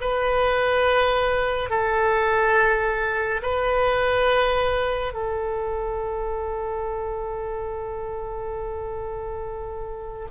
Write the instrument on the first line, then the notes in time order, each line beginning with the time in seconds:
oboe
0.00 B4
1.69 A4
3.42 B4
5.13 A4